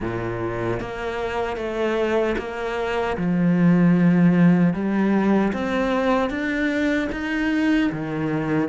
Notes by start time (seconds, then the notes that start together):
0.00 A#2
0.80 A#3
1.56 A3
2.38 A#3
3.17 F3
4.73 G3
5.52 C4
6.29 D4
7.12 D#4
7.92 D#3